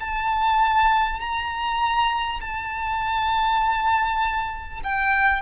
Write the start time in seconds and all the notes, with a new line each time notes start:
0.00 A5
1.20 A#5
2.40 A5
4.83 G5